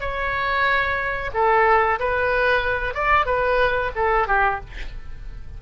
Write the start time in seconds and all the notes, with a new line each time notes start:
0.00 C#5
1.33 A4
1.99 B4
2.94 D5
3.25 B4
3.95 A4
4.27 G4